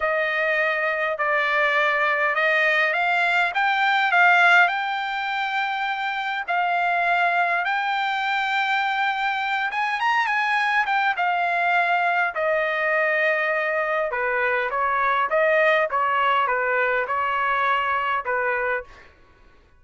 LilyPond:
\new Staff \with { instrumentName = "trumpet" } { \time 4/4 \tempo 4 = 102 dis''2 d''2 | dis''4 f''4 g''4 f''4 | g''2. f''4~ | f''4 g''2.~ |
g''8 gis''8 ais''8 gis''4 g''8 f''4~ | f''4 dis''2. | b'4 cis''4 dis''4 cis''4 | b'4 cis''2 b'4 | }